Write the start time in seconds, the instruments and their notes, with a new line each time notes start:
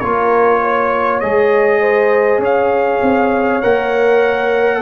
0.00 tuba A#3, trombone F4, horn A#4, trumpet C#5
0.61 horn C#5
1.20 tuba G#3, trombone G#4, trumpet D#5
1.81 horn C5
2.39 tuba C#4, horn C#5, trumpet F5
3.02 tuba C4
3.62 tuba A#3, trombone A#4, trumpet F#5